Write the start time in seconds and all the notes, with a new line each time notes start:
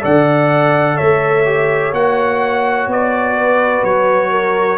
0.00 D3 A4 D5 F#5
0.96 A3 C#5 E5
1.45 G4
1.92 A#3 F#4 F#5
2.87 B3 D5
3.35 B4
3.84 F#3 C#5
4.30 A#4